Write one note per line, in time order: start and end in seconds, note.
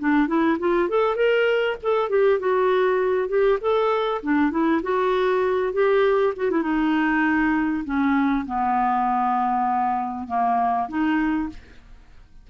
0.00 0.28 D4
0.28 0.58 E4
0.60 0.89 F4
0.89 1.16 A4
1.16 1.77 A#4
1.83 2.10 A4
2.10 2.40 G4
2.40 3.29 F#4
3.29 3.59 G4
3.61 4.22 A4
4.23 4.52 D4
4.52 4.82 E4
4.83 5.74 F#4
5.74 6.34 G4
6.37 6.51 F#4
6.51 6.63 E4
6.63 7.84 D#4
7.85 8.46 C#4
8.47 10.28 B3
10.28 10.89 A#3
10.89 11.50 D#4